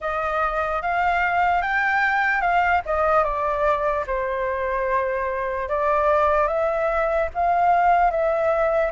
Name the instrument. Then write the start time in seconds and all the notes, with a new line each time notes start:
flute
0.00 D#5
0.81 F5
1.61 G5
2.41 F5
2.85 D#5
3.24 D5
4.07 C5
5.69 D5
6.47 E5
7.34 F5
8.10 E5